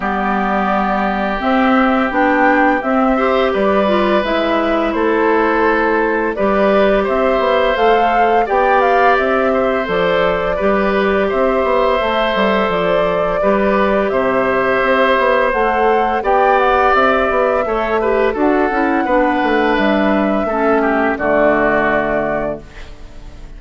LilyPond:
<<
  \new Staff \with { instrumentName = "flute" } { \time 4/4 \tempo 4 = 85 d''2 e''4 g''4 | e''4 d''4 e''4 c''4~ | c''4 d''4 e''4 f''4 | g''8 f''8 e''4 d''2 |
e''2 d''2 | e''2 fis''4 g''8 fis''8 | e''2 fis''2 | e''2 d''2 | }
  \new Staff \with { instrumentName = "oboe" } { \time 4/4 g'1~ | g'8 c''8 b'2 a'4~ | a'4 b'4 c''2 | d''4. c''4. b'4 |
c''2. b'4 | c''2. d''4~ | d''4 cis''8 b'8 a'4 b'4~ | b'4 a'8 g'8 fis'2 | }
  \new Staff \with { instrumentName = "clarinet" } { \time 4/4 b2 c'4 d'4 | c'8 g'4 f'8 e'2~ | e'4 g'2 a'4 | g'2 a'4 g'4~ |
g'4 a'2 g'4~ | g'2 a'4 g'4~ | g'4 a'8 g'8 fis'8 e'8 d'4~ | d'4 cis'4 a2 | }
  \new Staff \with { instrumentName = "bassoon" } { \time 4/4 g2 c'4 b4 | c'4 g4 gis4 a4~ | a4 g4 c'8 b8 a4 | b4 c'4 f4 g4 |
c'8 b8 a8 g8 f4 g4 | c4 c'8 b8 a4 b4 | c'8 b8 a4 d'8 cis'8 b8 a8 | g4 a4 d2 | }
>>